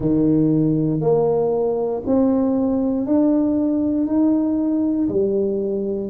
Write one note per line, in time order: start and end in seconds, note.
0.00 1.00 D#3
1.00 2.02 A#3
2.06 3.06 C4
3.06 4.06 D4
4.06 5.08 D#4
5.08 6.09 G3